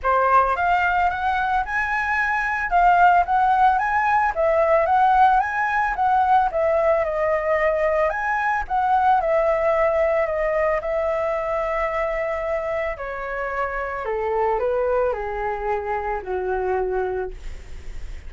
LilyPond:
\new Staff \with { instrumentName = "flute" } { \time 4/4 \tempo 4 = 111 c''4 f''4 fis''4 gis''4~ | gis''4 f''4 fis''4 gis''4 | e''4 fis''4 gis''4 fis''4 | e''4 dis''2 gis''4 |
fis''4 e''2 dis''4 | e''1 | cis''2 a'4 b'4 | gis'2 fis'2 | }